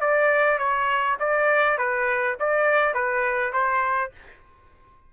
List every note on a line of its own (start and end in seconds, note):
0.00 0.58 D5
0.58 1.17 C#5
1.19 1.78 D5
1.78 2.37 B4
2.39 2.94 D5
2.94 3.53 B4
3.53 4.11 C5